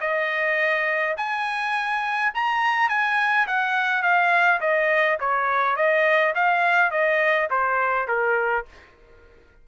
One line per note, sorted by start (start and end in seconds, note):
0.00 1.15 D#5
1.16 2.32 G#5
2.34 2.88 A#5
2.88 3.46 G#5
3.46 4.02 F#5
4.02 4.60 F5
4.60 5.18 D#5
5.19 5.76 C#5
5.76 6.34 D#5
6.34 6.91 F5
6.91 7.48 D#5
7.50 8.07 C5
8.07 8.65 A#4